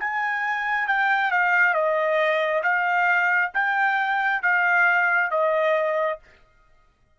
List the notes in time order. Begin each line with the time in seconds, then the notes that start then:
0.00 G#5
0.88 G5
1.31 F5
1.74 D#5
2.64 F5
3.54 G5
4.43 F5
5.31 D#5